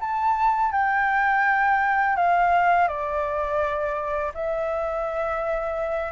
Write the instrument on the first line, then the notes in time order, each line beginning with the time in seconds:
flute
0.00 A5
0.71 G5
2.16 F5
2.87 D5
4.34 E5